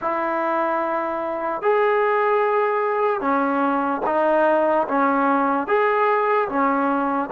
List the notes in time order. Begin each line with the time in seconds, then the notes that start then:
0.01 E4
1.61 G#4
3.20 C#4
4.05 D#4
4.88 C#4
5.67 G#4
6.48 C#4